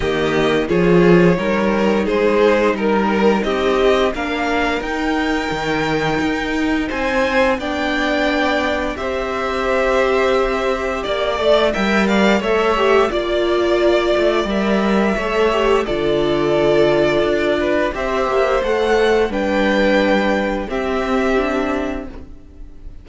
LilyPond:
<<
  \new Staff \with { instrumentName = "violin" } { \time 4/4 \tempo 4 = 87 dis''4 cis''2 c''4 | ais'4 dis''4 f''4 g''4~ | g''2 gis''4 g''4~ | g''4 e''2. |
d''4 g''8 f''8 e''4 d''4~ | d''4 e''2 d''4~ | d''2 e''4 fis''4 | g''2 e''2 | }
  \new Staff \with { instrumentName = "violin" } { \time 4/4 g'4 gis'4 ais'4 gis'4 | ais'4 g'4 ais'2~ | ais'2 c''4 d''4~ | d''4 c''2. |
d''4 e''8 d''8 cis''4 d''4~ | d''2 cis''4 a'4~ | a'4. b'8 c''2 | b'2 g'2 | }
  \new Staff \with { instrumentName = "viola" } { \time 4/4 ais4 f'4 dis'2~ | dis'2 d'4 dis'4~ | dis'2. d'4~ | d'4 g'2.~ |
g'8 a'8 ais'4 a'8 g'8 f'4~ | f'4 ais'4 a'8 g'8 f'4~ | f'2 g'4 a'4 | d'2 c'4 d'4 | }
  \new Staff \with { instrumentName = "cello" } { \time 4/4 dis4 f4 g4 gis4 | g4 c'4 ais4 dis'4 | dis4 dis'4 c'4 b4~ | b4 c'2. |
ais8 a8 g4 a4 ais4~ | ais8 a8 g4 a4 d4~ | d4 d'4 c'8 ais8 a4 | g2 c'2 | }
>>